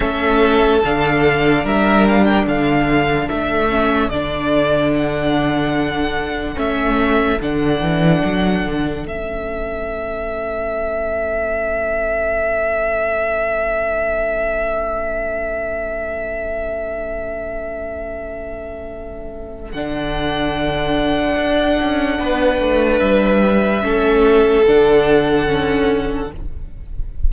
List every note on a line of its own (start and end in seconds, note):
0.00 0.82 A3
0.00 0.81 C#4
0.00 1.63 A4
0.00 0.81 E5
0.84 1.64 D3
0.84 3.69 D4
0.84 1.66 F5
1.63 2.46 G3
1.63 2.45 A#4
1.63 2.07 E5
2.08 2.24 F5
2.24 2.44 G5
2.46 3.28 D3
2.46 22.18 A4
2.46 3.28 F5
3.28 4.09 A3
3.28 4.09 E5
3.69 4.10 C#4
4.09 6.55 D3
4.09 6.54 D4
4.09 4.91 D5
4.95 6.59 F#5
6.54 7.40 A3
6.54 7.37 C#4
6.54 7.41 E5
7.40 7.80 D3
7.40 9.06 D4
7.40 9.07 F#5
7.80 8.21 E3
8.24 8.65 F#3
8.65 9.05 D3
9.05 19.73 A3
9.05 19.74 C#4
9.05 19.71 E5
19.71 21.36 D3
19.71 23.81 D4
19.71 22.99 F#5
21.36 21.77 D4
21.81 22.19 C#4
22.19 22.59 B3
22.19 23.83 B4
22.59 23.00 A3
22.99 23.82 G3
22.99 24.64 E5
23.81 24.65 A3
23.81 24.64 C#4
23.81 26.31 A4
24.67 26.32 D3
24.67 25.46 D4
24.67 26.31 F#5
25.46 26.28 C#4